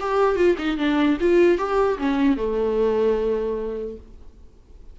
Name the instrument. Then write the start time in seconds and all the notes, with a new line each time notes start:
viola
0.00 G4
0.36 F4
0.58 D#4
0.78 D4
1.21 F4
1.58 G4
1.99 C#4
2.37 A3